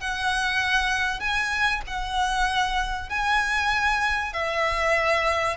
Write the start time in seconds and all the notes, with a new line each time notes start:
0.00 F#5
1.19 G#5
1.87 F#5
3.09 G#5
4.33 E5